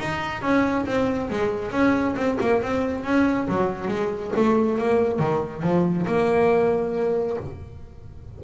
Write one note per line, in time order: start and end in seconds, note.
0.00 0.42 D#4
0.42 0.86 C#4
0.86 1.30 C4
1.30 1.72 G#3
1.72 2.15 C#4
2.17 2.38 C4
2.41 2.62 A#3
2.62 3.05 C4
3.05 3.48 C#4
3.49 3.88 F#3
3.88 4.32 G#3
4.37 4.78 A3
4.78 5.19 A#3
5.19 5.63 D#3
5.63 6.07 F3
6.07 7.38 A#3